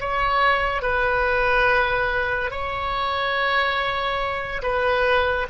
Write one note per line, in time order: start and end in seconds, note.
0.00 0.82 C#5
0.82 2.51 B4
2.51 4.62 C#5
4.62 5.47 B4